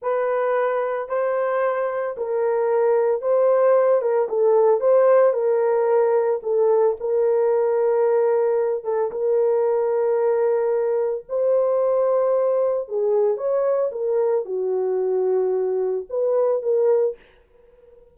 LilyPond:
\new Staff \with { instrumentName = "horn" } { \time 4/4 \tempo 4 = 112 b'2 c''2 | ais'2 c''4. ais'8 | a'4 c''4 ais'2 | a'4 ais'2.~ |
ais'8 a'8 ais'2.~ | ais'4 c''2. | gis'4 cis''4 ais'4 fis'4~ | fis'2 b'4 ais'4 | }